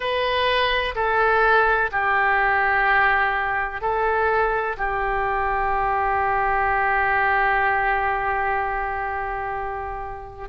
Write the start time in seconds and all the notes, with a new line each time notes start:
0.00 B4
0.95 A4
1.91 G4
3.81 A4
4.77 G4